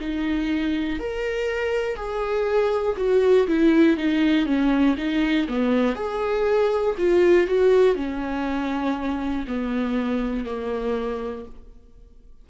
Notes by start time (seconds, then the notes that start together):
0.00 D#4
1.00 A#4
1.96 G#4
2.97 F#4
3.48 E4
3.97 D#4
4.46 C#4
4.98 D#4
5.48 B3
5.95 G#4
6.98 F4
7.47 F#4
7.95 C#4
9.48 B3
10.45 A#3